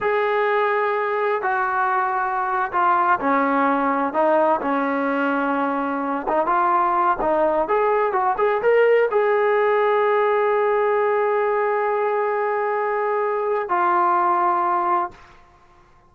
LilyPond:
\new Staff \with { instrumentName = "trombone" } { \time 4/4 \tempo 4 = 127 gis'2. fis'4~ | fis'4.~ fis'16 f'4 cis'4~ cis'16~ | cis'8. dis'4 cis'2~ cis'16~ | cis'4~ cis'16 dis'8 f'4. dis'8.~ |
dis'16 gis'4 fis'8 gis'8 ais'4 gis'8.~ | gis'1~ | gis'1~ | gis'4 f'2. | }